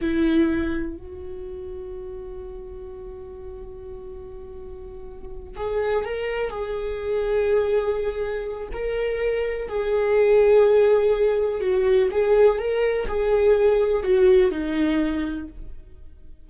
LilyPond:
\new Staff \with { instrumentName = "viola" } { \time 4/4 \tempo 4 = 124 e'2 fis'2~ | fis'1~ | fis'2.~ fis'8 gis'8~ | gis'8 ais'4 gis'2~ gis'8~ |
gis'2 ais'2 | gis'1 | fis'4 gis'4 ais'4 gis'4~ | gis'4 fis'4 dis'2 | }